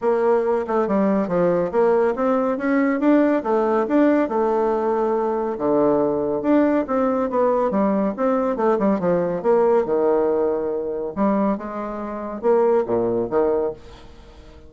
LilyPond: \new Staff \with { instrumentName = "bassoon" } { \time 4/4 \tempo 4 = 140 ais4. a8 g4 f4 | ais4 c'4 cis'4 d'4 | a4 d'4 a2~ | a4 d2 d'4 |
c'4 b4 g4 c'4 | a8 g8 f4 ais4 dis4~ | dis2 g4 gis4~ | gis4 ais4 ais,4 dis4 | }